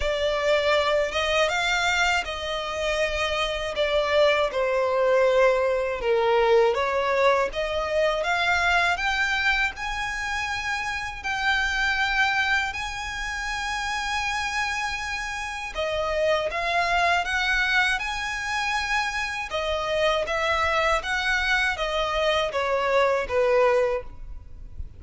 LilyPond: \new Staff \with { instrumentName = "violin" } { \time 4/4 \tempo 4 = 80 d''4. dis''8 f''4 dis''4~ | dis''4 d''4 c''2 | ais'4 cis''4 dis''4 f''4 | g''4 gis''2 g''4~ |
g''4 gis''2.~ | gis''4 dis''4 f''4 fis''4 | gis''2 dis''4 e''4 | fis''4 dis''4 cis''4 b'4 | }